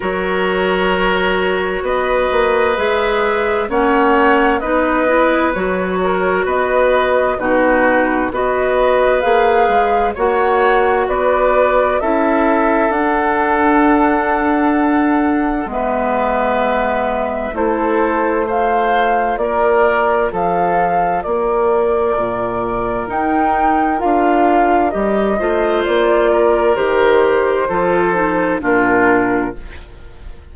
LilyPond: <<
  \new Staff \with { instrumentName = "flute" } { \time 4/4 \tempo 4 = 65 cis''2 dis''4 e''4 | fis''4 dis''4 cis''4 dis''4 | b'4 dis''4 f''4 fis''4 | d''4 e''4 fis''2~ |
fis''4 e''2 c''4 | f''4 d''4 f''4 d''4~ | d''4 g''4 f''4 dis''4 | d''4 c''2 ais'4 | }
  \new Staff \with { instrumentName = "oboe" } { \time 4/4 ais'2 b'2 | cis''4 b'4. ais'8 b'4 | fis'4 b'2 cis''4 | b'4 a'2.~ |
a'4 b'2 a'4 | c''4 ais'4 a'4 ais'4~ | ais'2.~ ais'8 c''8~ | c''8 ais'4. a'4 f'4 | }
  \new Staff \with { instrumentName = "clarinet" } { \time 4/4 fis'2. gis'4 | cis'4 dis'8 e'8 fis'2 | dis'4 fis'4 gis'4 fis'4~ | fis'4 e'4 d'2~ |
d'4 b2 e'4 | f'1~ | f'4 dis'4 f'4 g'8 f'8~ | f'4 g'4 f'8 dis'8 d'4 | }
  \new Staff \with { instrumentName = "bassoon" } { \time 4/4 fis2 b8 ais8 gis4 | ais4 b4 fis4 b4 | b,4 b4 ais8 gis8 ais4 | b4 cis'4 d'2~ |
d'4 gis2 a4~ | a4 ais4 f4 ais4 | ais,4 dis'4 d'4 g8 a8 | ais4 dis4 f4 ais,4 | }
>>